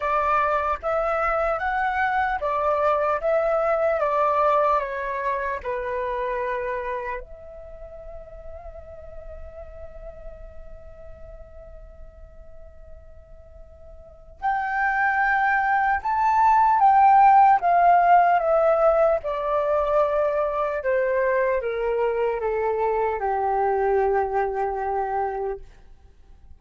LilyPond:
\new Staff \with { instrumentName = "flute" } { \time 4/4 \tempo 4 = 75 d''4 e''4 fis''4 d''4 | e''4 d''4 cis''4 b'4~ | b'4 e''2.~ | e''1~ |
e''2 g''2 | a''4 g''4 f''4 e''4 | d''2 c''4 ais'4 | a'4 g'2. | }